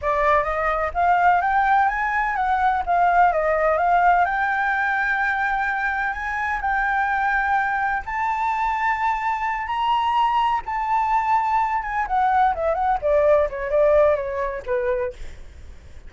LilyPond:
\new Staff \with { instrumentName = "flute" } { \time 4/4 \tempo 4 = 127 d''4 dis''4 f''4 g''4 | gis''4 fis''4 f''4 dis''4 | f''4 g''2.~ | g''4 gis''4 g''2~ |
g''4 a''2.~ | a''8 ais''2 a''4.~ | a''4 gis''8 fis''4 e''8 fis''8 d''8~ | d''8 cis''8 d''4 cis''4 b'4 | }